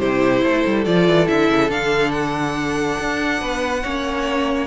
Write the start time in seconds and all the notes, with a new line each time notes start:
0.00 C3 E4 G4 C5
0.44 A3 A4
0.67 G3
0.85 F3 F4 D5
1.08 E3
1.27 D3 E4 E5
1.51 C#3
1.69 D3 D4 F5
2.12 F#5
2.99 D4
3.42 B3 B4
3.83 A#3 C#4 C#5